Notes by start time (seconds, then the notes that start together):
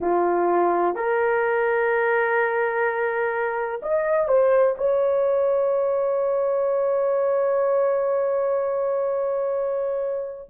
0.00 F4
0.95 A#4
3.82 D#5
4.28 C5
4.77 C#5